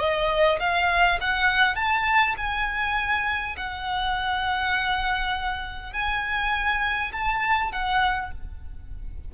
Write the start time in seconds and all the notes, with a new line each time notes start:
0.00 D#5
0.60 F5
1.21 F#5
1.76 A5
2.37 G#5
3.57 F#5
5.93 G#5
7.13 A5
7.72 F#5